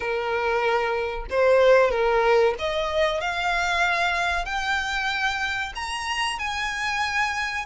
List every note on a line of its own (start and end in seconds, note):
0.00 1.25 A#4
1.29 1.90 C5
1.90 2.54 A#4
2.58 3.20 D#5
3.20 4.45 F5
4.45 5.72 G5
5.75 6.39 A#5
6.39 7.65 G#5